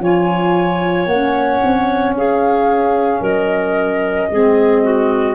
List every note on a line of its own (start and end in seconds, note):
0.00 1.06 F3
0.00 1.07 F4
0.00 2.16 C#5
0.00 1.07 G#5
1.06 1.60 A#3
1.06 4.31 C#4
1.06 2.15 F#5
1.64 2.13 C4
2.13 3.20 C#4
2.13 3.21 G#4
2.13 3.23 F5
3.21 4.29 F#3
3.21 4.28 A#4
3.21 5.35 D#5
4.31 5.35 G#3
4.31 5.35 C4
4.31 4.83 G#4
4.83 5.35 F#4